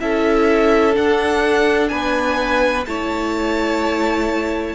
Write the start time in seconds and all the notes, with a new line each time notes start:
0.00 C#4 E4 A4 E5
0.93 D4 F#5
1.88 B3 B4 G#5
2.86 A3 E4 C#5 A5